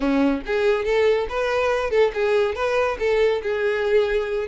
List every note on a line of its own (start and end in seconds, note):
0.00 0.41 C#4
0.46 0.84 G#4
0.84 1.27 A4
1.29 1.90 B4
1.90 2.11 A4
2.14 2.55 G#4
2.55 2.97 B4
2.99 3.41 A4
3.42 4.47 G#4